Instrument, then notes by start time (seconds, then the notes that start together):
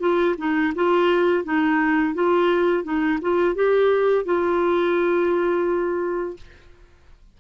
clarinet
0.00 F4
0.38 D#4
0.75 F4
1.44 D#4
2.14 F4
2.84 D#4
3.21 F4
3.55 G4
4.25 F4